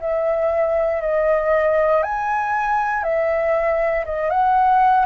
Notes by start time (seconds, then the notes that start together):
0.00 E5
1.01 D#5
2.03 G#5
3.03 E5
4.05 D#5
4.30 F#5